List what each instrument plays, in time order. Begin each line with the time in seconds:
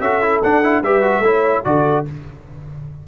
0.00 tuba C#4, trombone F#4, horn A4, trumpet E5
0.22 trombone E4
0.42 tuba D4, trombone D4, trumpet F#5
0.63 trombone E4
0.82 tuba G3, trombone G4, horn B4, trumpet E5
1.02 trombone F#4
1.19 tuba A3, trombone E4, horn C#5
1.64 tuba D3, trombone F#4, horn A4, trumpet D5